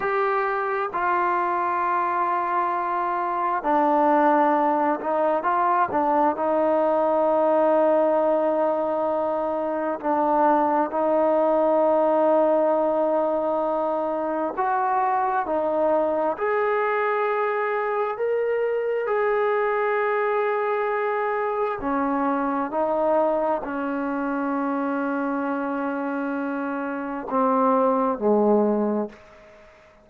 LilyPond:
\new Staff \with { instrumentName = "trombone" } { \time 4/4 \tempo 4 = 66 g'4 f'2. | d'4. dis'8 f'8 d'8 dis'4~ | dis'2. d'4 | dis'1 |
fis'4 dis'4 gis'2 | ais'4 gis'2. | cis'4 dis'4 cis'2~ | cis'2 c'4 gis4 | }